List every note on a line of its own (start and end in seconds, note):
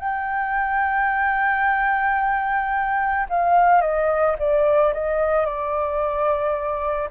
0.00 3.27 G5
3.30 3.82 F5
3.82 4.36 D#5
4.39 4.94 D5
4.94 5.46 D#5
5.46 7.10 D5